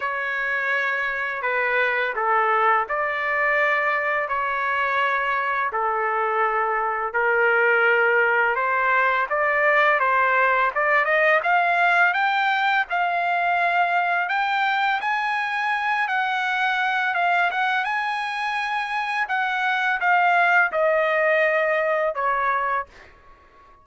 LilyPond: \new Staff \with { instrumentName = "trumpet" } { \time 4/4 \tempo 4 = 84 cis''2 b'4 a'4 | d''2 cis''2 | a'2 ais'2 | c''4 d''4 c''4 d''8 dis''8 |
f''4 g''4 f''2 | g''4 gis''4. fis''4. | f''8 fis''8 gis''2 fis''4 | f''4 dis''2 cis''4 | }